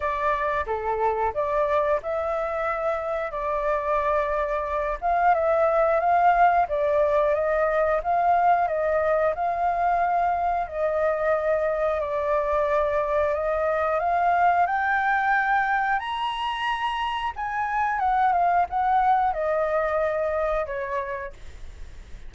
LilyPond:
\new Staff \with { instrumentName = "flute" } { \time 4/4 \tempo 4 = 90 d''4 a'4 d''4 e''4~ | e''4 d''2~ d''8 f''8 | e''4 f''4 d''4 dis''4 | f''4 dis''4 f''2 |
dis''2 d''2 | dis''4 f''4 g''2 | ais''2 gis''4 fis''8 f''8 | fis''4 dis''2 cis''4 | }